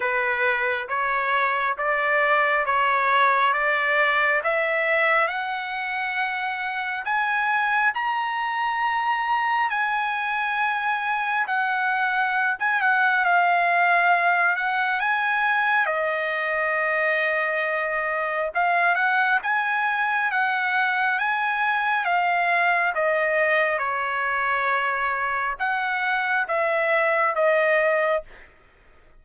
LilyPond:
\new Staff \with { instrumentName = "trumpet" } { \time 4/4 \tempo 4 = 68 b'4 cis''4 d''4 cis''4 | d''4 e''4 fis''2 | gis''4 ais''2 gis''4~ | gis''4 fis''4~ fis''16 gis''16 fis''8 f''4~ |
f''8 fis''8 gis''4 dis''2~ | dis''4 f''8 fis''8 gis''4 fis''4 | gis''4 f''4 dis''4 cis''4~ | cis''4 fis''4 e''4 dis''4 | }